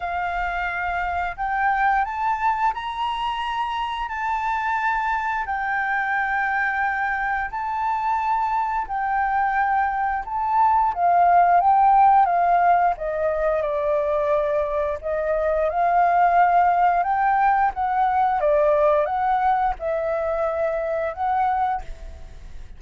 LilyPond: \new Staff \with { instrumentName = "flute" } { \time 4/4 \tempo 4 = 88 f''2 g''4 a''4 | ais''2 a''2 | g''2. a''4~ | a''4 g''2 a''4 |
f''4 g''4 f''4 dis''4 | d''2 dis''4 f''4~ | f''4 g''4 fis''4 d''4 | fis''4 e''2 fis''4 | }